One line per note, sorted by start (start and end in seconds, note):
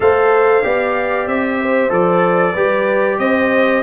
0.00 0.62 A3
0.00 0.62 A4
0.00 0.63 C5
0.00 1.27 F5
0.62 1.26 B3
0.62 1.89 G4
0.62 1.59 D5
1.26 1.90 C4
1.26 1.91 E5
1.61 2.53 C5
1.89 2.54 F3
1.89 2.53 A4
1.89 3.18 D5
2.53 3.18 G3
2.53 3.82 G4
2.53 3.16 B4
3.18 3.82 C4
3.18 3.82 C5
3.18 3.82 D#5